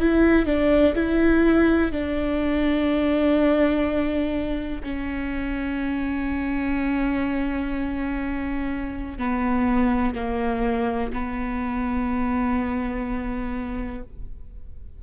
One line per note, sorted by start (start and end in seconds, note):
0.00 0.46 E4
0.46 0.95 D4
0.95 1.92 E4
1.92 4.82 D4
4.83 9.18 C#4
9.18 10.15 B3
10.15 11.12 A#3
11.13 14.03 B3